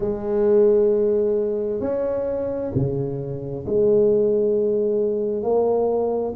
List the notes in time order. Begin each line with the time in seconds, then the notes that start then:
0.00 G#3
1.80 C#4
2.74 C#3
3.66 G#3
5.43 A#3